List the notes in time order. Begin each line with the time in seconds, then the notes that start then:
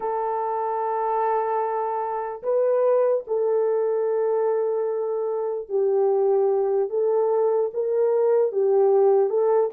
0.00 A4
2.43 B4
3.27 A4
5.68 G4
6.89 A4
7.73 A#4
8.52 G4
9.29 A4